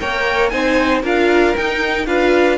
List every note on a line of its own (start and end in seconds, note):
0.00 0.52 A#3
0.00 0.51 A#4
0.00 0.52 C#5
0.00 0.49 G5
0.49 1.03 C4
0.49 1.03 D#4
0.49 1.02 C5
0.49 1.01 G#5
1.02 1.55 D4
1.02 1.56 F4
1.02 2.06 A#4
1.02 1.56 F5
1.56 2.07 D#4
1.56 2.06 G5
2.06 2.58 D4
2.06 2.58 F4
2.06 2.58 B4
2.06 2.58 F5